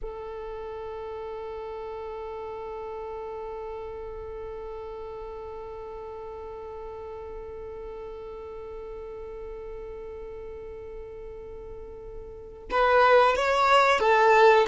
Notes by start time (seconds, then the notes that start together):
0.02 A4
12.70 B4
13.36 C#5
13.99 A4